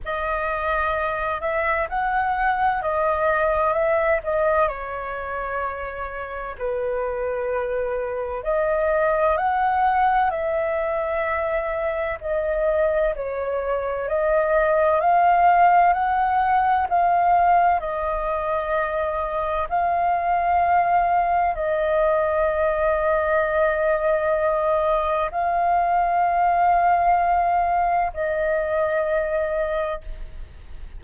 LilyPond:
\new Staff \with { instrumentName = "flute" } { \time 4/4 \tempo 4 = 64 dis''4. e''8 fis''4 dis''4 | e''8 dis''8 cis''2 b'4~ | b'4 dis''4 fis''4 e''4~ | e''4 dis''4 cis''4 dis''4 |
f''4 fis''4 f''4 dis''4~ | dis''4 f''2 dis''4~ | dis''2. f''4~ | f''2 dis''2 | }